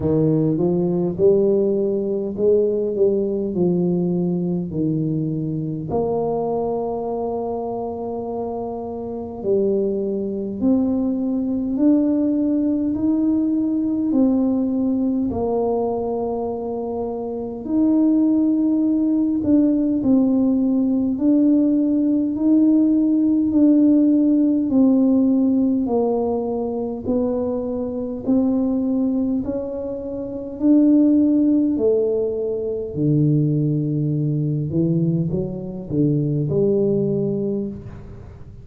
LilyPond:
\new Staff \with { instrumentName = "tuba" } { \time 4/4 \tempo 4 = 51 dis8 f8 g4 gis8 g8 f4 | dis4 ais2. | g4 c'4 d'4 dis'4 | c'4 ais2 dis'4~ |
dis'8 d'8 c'4 d'4 dis'4 | d'4 c'4 ais4 b4 | c'4 cis'4 d'4 a4 | d4. e8 fis8 d8 g4 | }